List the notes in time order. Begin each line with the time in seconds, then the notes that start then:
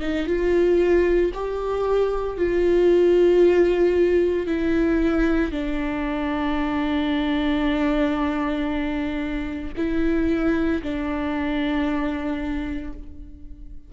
0.00 D#4
0.26 F4
1.33 G4
2.37 F4
4.46 E4
5.51 D4
9.77 E4
10.82 D4